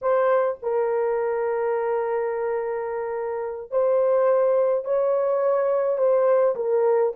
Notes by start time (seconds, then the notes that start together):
0.01 C5
0.62 A#4
3.70 C5
4.84 C#5
5.97 C5
6.55 A#4